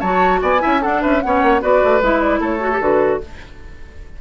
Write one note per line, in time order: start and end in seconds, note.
0.00 0.42 F#3
0.00 0.59 F#4
0.00 0.40 C#5
0.00 0.41 A5
0.42 0.62 B3
0.42 0.62 D5
0.42 0.82 G#5
0.59 0.79 E4
0.59 0.81 E5
0.66 0.85 C#4
0.81 1.21 D4
0.81 1.05 D4
0.81 1.01 A4
0.81 1.02 F#5
1.02 1.25 C#4
1.02 1.22 B4
1.02 1.21 E5
1.21 1.42 B3
1.21 1.61 C#4
1.21 1.62 C#5
1.21 1.61 F#5
1.42 1.62 A#3
1.61 1.82 B3
1.61 2.01 F#4
1.61 2.40 B4
1.61 2.02 D5
1.84 2.01 A3
2.01 2.40 G#3
2.01 2.60 E4
2.01 2.21 E5
2.21 2.41 D5
2.40 2.80 A3
2.40 3.20 A4
2.40 2.81 C#5
2.60 2.70 F#4
2.72 2.81 G4
2.80 3.20 D3
2.80 3.21 F#4
2.80 3.21 B4